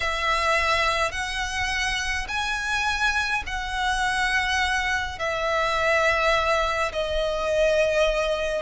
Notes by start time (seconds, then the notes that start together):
0.00 E5
1.11 F#5
2.27 G#5
3.46 F#5
5.18 E5
6.92 D#5